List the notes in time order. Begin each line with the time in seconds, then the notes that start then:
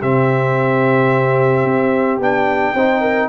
0.00 C3 C4 G4 E5
1.64 C4
2.19 B3 D4 G5
2.74 C4 D#4 C5
3.01 A#4